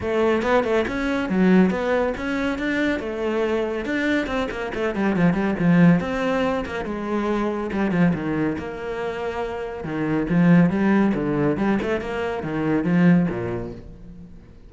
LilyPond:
\new Staff \with { instrumentName = "cello" } { \time 4/4 \tempo 4 = 140 a4 b8 a8 cis'4 fis4 | b4 cis'4 d'4 a4~ | a4 d'4 c'8 ais8 a8 g8 | f8 g8 f4 c'4. ais8 |
gis2 g8 f8 dis4 | ais2. dis4 | f4 g4 d4 g8 a8 | ais4 dis4 f4 ais,4 | }